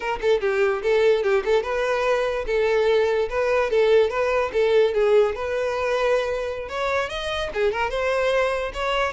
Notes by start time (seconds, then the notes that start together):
0.00 A#4
0.21 A4
0.41 G4
0.82 A4
1.23 G4
1.44 A4
1.63 B4
2.46 A4
3.29 B4
3.70 A4
4.10 B4
4.52 A4
4.94 G#4
5.35 B4
6.69 C#5
7.09 D#5
7.54 G#4
7.71 A#4
7.89 C5
8.73 C#5